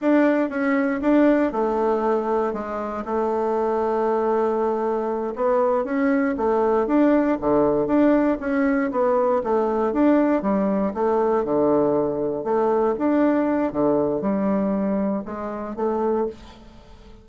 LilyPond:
\new Staff \with { instrumentName = "bassoon" } { \time 4/4 \tempo 4 = 118 d'4 cis'4 d'4 a4~ | a4 gis4 a2~ | a2~ a8 b4 cis'8~ | cis'8 a4 d'4 d4 d'8~ |
d'8 cis'4 b4 a4 d'8~ | d'8 g4 a4 d4.~ | d8 a4 d'4. d4 | g2 gis4 a4 | }